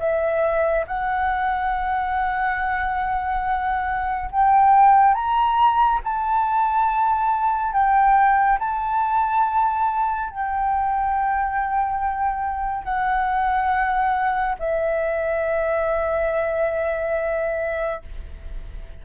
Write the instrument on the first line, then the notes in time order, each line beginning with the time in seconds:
flute
0.00 E5
0.88 F#5
4.31 G5
5.15 A#5
6.04 A5
7.73 G5
8.59 A5
10.31 G5
12.85 F#5
14.59 E5